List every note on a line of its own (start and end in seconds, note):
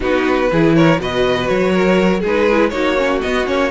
0.00 0.50 B3
0.00 0.49 D#4
0.00 0.50 F#4
0.00 0.75 B4
0.52 0.99 E3
0.52 0.99 E4
0.52 0.76 G#4
0.75 1.01 A#4
0.75 1.00 C#5
0.99 1.48 B2
0.99 2.23 F#4
0.99 1.72 B4
0.99 1.47 D#5
1.47 2.23 F#3
1.47 2.22 C#5
1.72 2.20 A#4
2.20 2.72 G#3
2.20 2.50 D#4
2.20 2.69 G#4
2.20 2.69 B4
2.51 2.71 E4
2.69 3.21 A#3
2.69 2.96 D#4
2.69 3.71 F#4
2.69 3.19 C#5
2.97 3.22 C#4
3.21 3.45 B3
3.21 3.47 B3
3.21 3.46 D#5
3.45 3.71 A#3
3.45 3.70 C#4
3.45 3.71 C#5